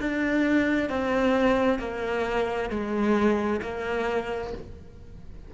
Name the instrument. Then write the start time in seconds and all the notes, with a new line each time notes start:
cello
0.00 D4
0.90 C4
1.79 A#3
2.70 G#3
3.62 A#3